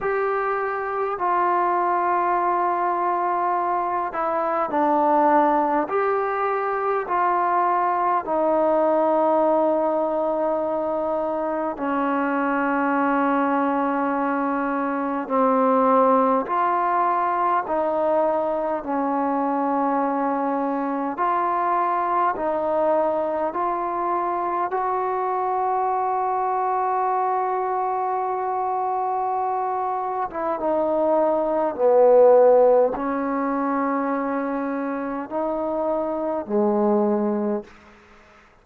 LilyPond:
\new Staff \with { instrumentName = "trombone" } { \time 4/4 \tempo 4 = 51 g'4 f'2~ f'8 e'8 | d'4 g'4 f'4 dis'4~ | dis'2 cis'2~ | cis'4 c'4 f'4 dis'4 |
cis'2 f'4 dis'4 | f'4 fis'2.~ | fis'4.~ fis'16 e'16 dis'4 b4 | cis'2 dis'4 gis4 | }